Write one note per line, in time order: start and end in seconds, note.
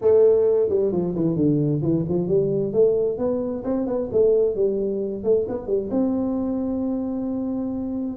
0.01 0.69 A3
0.69 0.92 G3
0.92 1.14 F3
1.15 1.36 E3
1.36 1.81 D3
1.82 2.05 E3
2.08 2.28 F3
2.28 2.72 G3
2.72 3.18 A3
3.18 3.63 B3
3.64 3.86 C4
3.87 4.09 B3
4.12 4.55 A3
4.55 5.23 G3
5.23 5.46 A3
5.48 5.67 B3
5.67 5.89 G3
5.90 8.17 C4